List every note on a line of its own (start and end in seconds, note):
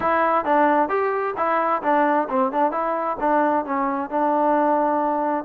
0.00 0.44 E4
0.44 0.88 D4
0.88 1.34 G4
1.36 1.82 E4
1.82 2.28 D4
2.29 2.51 C4
2.51 2.71 D4
2.71 3.17 E4
3.19 3.65 D4
3.65 4.10 C#4
4.10 5.44 D4